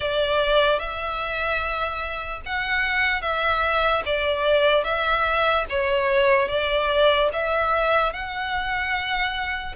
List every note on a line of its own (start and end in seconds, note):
0.00 0.79 D5
0.79 2.41 E5
2.45 3.21 F#5
3.21 4.02 E5
4.05 4.84 D5
4.84 5.65 E5
5.69 6.48 C#5
6.48 7.29 D5
7.32 8.13 E5
8.13 9.75 F#5